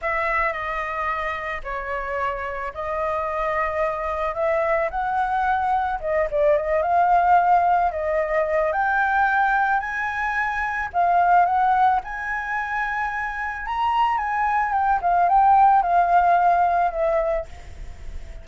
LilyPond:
\new Staff \with { instrumentName = "flute" } { \time 4/4 \tempo 4 = 110 e''4 dis''2 cis''4~ | cis''4 dis''2. | e''4 fis''2 dis''8 d''8 | dis''8 f''2 dis''4. |
g''2 gis''2 | f''4 fis''4 gis''2~ | gis''4 ais''4 gis''4 g''8 f''8 | g''4 f''2 e''4 | }